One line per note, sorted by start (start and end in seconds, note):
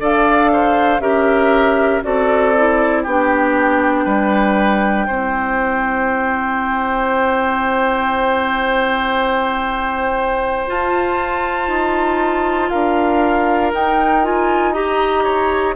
0.00 1.00 D4
0.00 1.02 A4
0.00 0.51 D5
0.00 1.01 F5
0.53 1.02 C5
1.00 2.02 C#4
1.00 2.03 G4
1.00 2.04 A#4
1.00 2.03 E5
2.03 3.06 C4
2.03 2.54 F#4
2.03 3.03 A4
2.03 3.05 D5
2.57 3.07 E4
3.03 4.06 B3
3.03 5.11 D4
3.03 4.05 G4
3.03 10.70 G5
4.05 5.08 G3
4.05 5.07 B4
5.07 10.68 C4
5.07 10.68 E4
5.07 12.70 C5
10.68 13.73 F4
10.68 11.69 F4
10.68 12.70 A5
11.69 12.70 D#4
12.70 13.73 D4
12.70 14.74 A#4
12.70 13.72 F5
13.73 15.76 D#4
13.73 14.24 D#4
13.73 14.25 G5
14.24 14.75 F4
14.24 14.73 G#5
14.73 15.76 G4
14.73 15.24 D#5
14.73 15.75 A#5
15.24 15.75 C#5